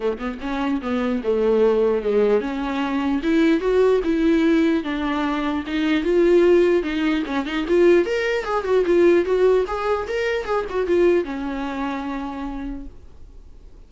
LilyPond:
\new Staff \with { instrumentName = "viola" } { \time 4/4 \tempo 4 = 149 a8 b8 cis'4 b4 a4~ | a4 gis4 cis'2 | e'4 fis'4 e'2 | d'2 dis'4 f'4~ |
f'4 dis'4 cis'8 dis'8 f'4 | ais'4 gis'8 fis'8 f'4 fis'4 | gis'4 ais'4 gis'8 fis'8 f'4 | cis'1 | }